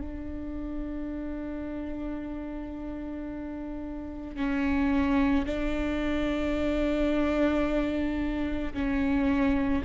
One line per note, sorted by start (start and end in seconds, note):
0.00 4.36 D4
4.36 5.45 C#4
5.45 8.73 D4
8.73 9.82 C#4